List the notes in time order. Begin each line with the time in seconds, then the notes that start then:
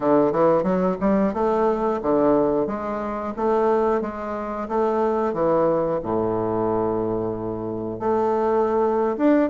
0.00 D3
0.32 E3
0.63 F#3
1.00 G3
1.33 A3
2.02 D3
2.67 G#3
3.36 A3
4.01 G#3
4.68 A3
5.33 E3
6.02 A2
7.99 A3
9.17 D4